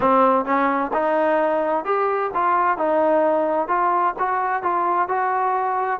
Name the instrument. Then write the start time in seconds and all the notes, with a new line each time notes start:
trombone
0.00 C4
0.45 C#4
0.93 D#4
1.84 G4
2.33 F4
2.77 D#4
3.68 F4
4.19 F#4
4.62 F4
5.08 F#4